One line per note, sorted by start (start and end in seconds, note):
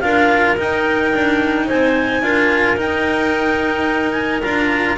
0.00 0.58 D4
0.00 0.57 F4
0.00 1.66 A#4
0.00 0.55 F5
0.58 2.22 D#4
0.58 1.14 D#4
0.58 1.69 G5
1.15 1.70 D4
1.66 2.22 C4
1.66 2.21 C5
1.66 2.79 G#5
2.22 2.77 D4
2.22 2.77 F4
2.22 4.98 A#4
2.77 4.42 D#4
2.77 4.12 G5
4.12 4.39 G#5
4.43 4.98 D4
4.43 4.98 F4
4.43 4.98 A#5